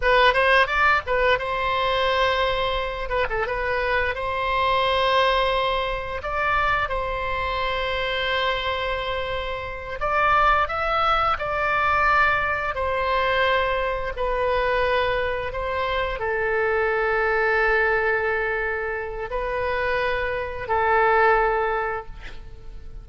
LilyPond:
\new Staff \with { instrumentName = "oboe" } { \time 4/4 \tempo 4 = 87 b'8 c''8 d''8 b'8 c''2~ | c''8 b'16 a'16 b'4 c''2~ | c''4 d''4 c''2~ | c''2~ c''8 d''4 e''8~ |
e''8 d''2 c''4.~ | c''8 b'2 c''4 a'8~ | a'1 | b'2 a'2 | }